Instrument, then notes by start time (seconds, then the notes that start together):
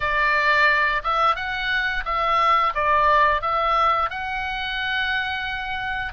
oboe
0.00 D5
1.03 E5
1.35 F#5
2.05 E5
2.74 D5
3.41 E5
4.09 F#5